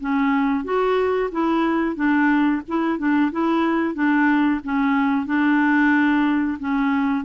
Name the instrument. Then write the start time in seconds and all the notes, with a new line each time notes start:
clarinet
0.00 C#4
0.64 F#4
1.31 E4
1.95 D4
2.68 E4
2.98 D4
3.31 E4
3.94 D4
4.63 C#4
5.26 D4
6.58 C#4